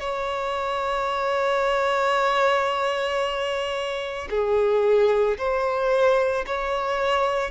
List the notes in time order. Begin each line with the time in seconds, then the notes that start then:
0.00 C#5
4.31 G#4
5.38 C5
6.46 C#5